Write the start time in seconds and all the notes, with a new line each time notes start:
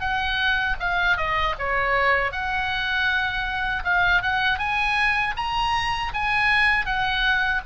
0.00 F#5
0.80 F5
1.17 D#5
1.58 C#5
2.31 F#5
3.84 F5
4.22 F#5
4.58 G#5
5.36 A#5
6.13 G#5
6.85 F#5